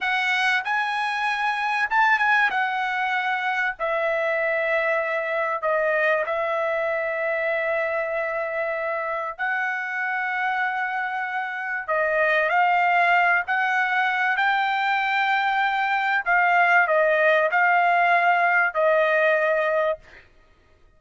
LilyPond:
\new Staff \with { instrumentName = "trumpet" } { \time 4/4 \tempo 4 = 96 fis''4 gis''2 a''8 gis''8 | fis''2 e''2~ | e''4 dis''4 e''2~ | e''2. fis''4~ |
fis''2. dis''4 | f''4. fis''4. g''4~ | g''2 f''4 dis''4 | f''2 dis''2 | }